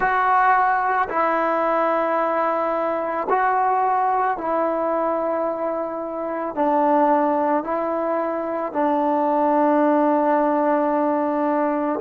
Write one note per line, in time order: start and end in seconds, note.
0.00 1.08 F#4
1.09 3.27 E4
3.29 4.37 F#4
4.37 6.55 E4
6.55 7.63 D4
7.63 8.72 E4
8.72 12.00 D4